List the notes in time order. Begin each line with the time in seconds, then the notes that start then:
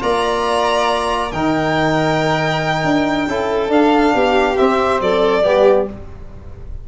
0.00 A#3 F4 D5 A#5
1.31 D#3 D#4 A#4 G5
2.84 D4
3.27 C#4 E4 A4
3.68 D4 F5
4.14 B3 G4
4.57 C4 E5
5.00 F#3 A4 D5
5.42 G3 B3 G4